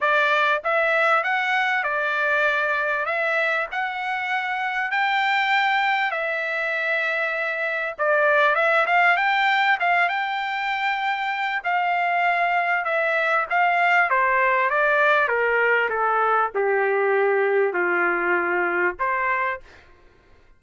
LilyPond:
\new Staff \with { instrumentName = "trumpet" } { \time 4/4 \tempo 4 = 98 d''4 e''4 fis''4 d''4~ | d''4 e''4 fis''2 | g''2 e''2~ | e''4 d''4 e''8 f''8 g''4 |
f''8 g''2~ g''8 f''4~ | f''4 e''4 f''4 c''4 | d''4 ais'4 a'4 g'4~ | g'4 f'2 c''4 | }